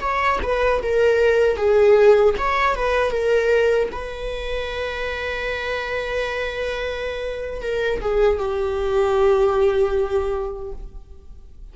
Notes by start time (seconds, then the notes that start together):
0.00 C#5
0.43 B4
0.82 A#4
1.57 G#4
2.38 C#5
2.75 B4
3.11 A#4
3.92 B4
7.62 A#4
8.01 G#4
8.39 G4